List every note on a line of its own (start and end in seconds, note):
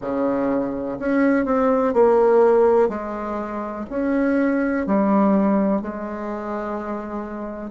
0.01 0.98 C#3
0.99 1.45 C#4
1.45 1.93 C4
1.93 2.88 A#3
2.88 3.85 G#3
3.89 4.86 C#4
4.86 5.81 G3
5.81 7.70 G#3